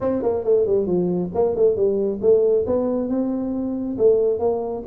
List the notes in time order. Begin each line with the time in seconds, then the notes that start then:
0.00 C4
0.22 A#3
0.44 A3
0.66 G3
0.86 F3
1.34 A#3
1.55 A3
1.75 G3
2.21 A3
2.66 B3
3.09 C4
3.98 A3
4.39 A#3